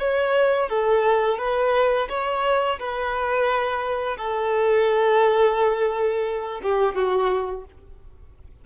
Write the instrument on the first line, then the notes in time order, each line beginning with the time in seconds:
violin
0.00 C#5
0.69 A4
1.39 B4
2.10 C#5
2.80 B4
4.17 A4
6.63 G4
6.95 F#4